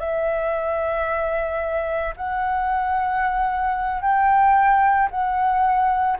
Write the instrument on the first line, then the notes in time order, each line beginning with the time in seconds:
flute
0.00 E5
2.17 F#5
4.02 G5
5.11 F#5